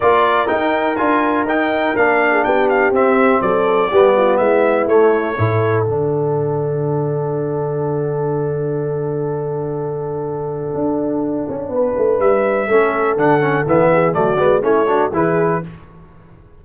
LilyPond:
<<
  \new Staff \with { instrumentName = "trumpet" } { \time 4/4 \tempo 4 = 123 d''4 g''4 gis''4 g''4 | f''4 g''8 f''8 e''4 d''4~ | d''4 e''4 cis''2 | fis''1~ |
fis''1~ | fis''1~ | fis''4 e''2 fis''4 | e''4 d''4 cis''4 b'4 | }
  \new Staff \with { instrumentName = "horn" } { \time 4/4 ais'1~ | ais'8. gis'16 g'2 a'4 | g'8 f'8 e'2 a'4~ | a'1~ |
a'1~ | a'1 | b'2 a'2~ | a'8 gis'8 fis'4 e'8 fis'8 gis'4 | }
  \new Staff \with { instrumentName = "trombone" } { \time 4/4 f'4 dis'4 f'4 dis'4 | d'2 c'2 | b2 a4 e'4 | d'1~ |
d'1~ | d'1~ | d'2 cis'4 d'8 cis'8 | b4 a8 b8 cis'8 d'8 e'4 | }
  \new Staff \with { instrumentName = "tuba" } { \time 4/4 ais4 dis'4 d'4 dis'4 | ais4 b4 c'4 fis4 | g4 gis4 a4 a,4 | d1~ |
d1~ | d2 d'4. cis'8 | b8 a8 g4 a4 d4 | e4 fis8 gis8 a4 e4 | }
>>